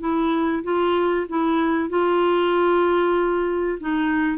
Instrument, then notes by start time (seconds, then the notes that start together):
clarinet
0.00 E4
0.64 F4
1.29 E4
1.90 F4
3.81 D#4